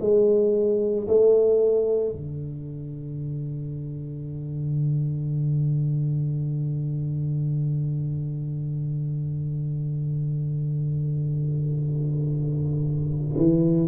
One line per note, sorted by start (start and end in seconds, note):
0.00 1.07 G#3
1.08 2.12 A3
2.12 13.37 D3
13.37 13.88 E3